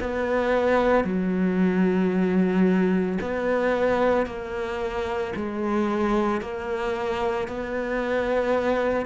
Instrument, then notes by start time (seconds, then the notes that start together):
cello
0.00 B3
1.04 F#3
3.21 B3
4.26 A#3
5.36 G#3
6.41 A#3
7.48 B3